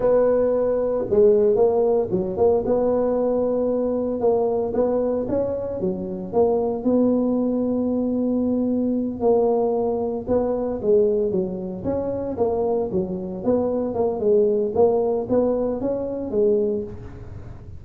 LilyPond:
\new Staff \with { instrumentName = "tuba" } { \time 4/4 \tempo 4 = 114 b2 gis4 ais4 | fis8 ais8 b2. | ais4 b4 cis'4 fis4 | ais4 b2.~ |
b4. ais2 b8~ | b8 gis4 fis4 cis'4 ais8~ | ais8 fis4 b4 ais8 gis4 | ais4 b4 cis'4 gis4 | }